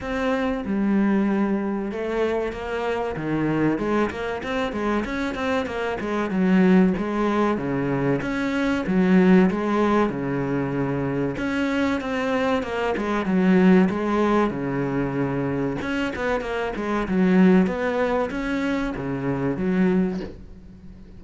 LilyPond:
\new Staff \with { instrumentName = "cello" } { \time 4/4 \tempo 4 = 95 c'4 g2 a4 | ais4 dis4 gis8 ais8 c'8 gis8 | cis'8 c'8 ais8 gis8 fis4 gis4 | cis4 cis'4 fis4 gis4 |
cis2 cis'4 c'4 | ais8 gis8 fis4 gis4 cis4~ | cis4 cis'8 b8 ais8 gis8 fis4 | b4 cis'4 cis4 fis4 | }